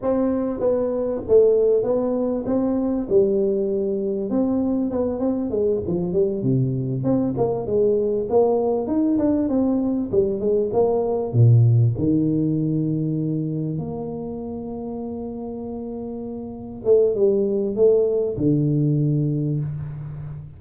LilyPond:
\new Staff \with { instrumentName = "tuba" } { \time 4/4 \tempo 4 = 98 c'4 b4 a4 b4 | c'4 g2 c'4 | b8 c'8 gis8 f8 g8 c4 c'8 | ais8 gis4 ais4 dis'8 d'8 c'8~ |
c'8 g8 gis8 ais4 ais,4 dis8~ | dis2~ dis8 ais4.~ | ais2.~ ais8 a8 | g4 a4 d2 | }